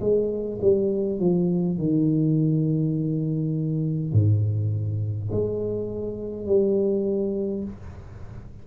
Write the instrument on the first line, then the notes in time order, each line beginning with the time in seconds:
tuba
0.00 G#3
0.61 G3
1.19 F3
1.78 D#3
4.12 G#2
5.31 G#3
6.45 G3